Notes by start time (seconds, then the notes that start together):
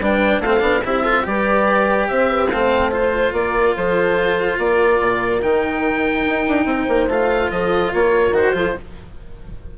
0.00 G3 D4 B4 G5
0.39 A3 C4 A4 F5
0.60 B3 D4
0.84 C4 E4 G4 E5
1.02 F4 A4
1.22 G3 G4 B4 D5
2.08 C4 C5 E5
2.29 B4
2.49 A3 C4 C5 F5
2.91 F4 C5
3.32 A#3 A#4 D5
3.74 F3 A4 C5
4.58 A#3 A#4 D5
5.01 A#2
5.42 D#3 D#4 G5
6.25 D#4
6.48 D4
6.65 C4 C5
6.88 A#3
7.08 A3 F4 F5
7.50 F3 A4 D#5
7.93 A#3 A#4 C#5
8.31 D#3 F#4 C5
8.53 F3 F4 A4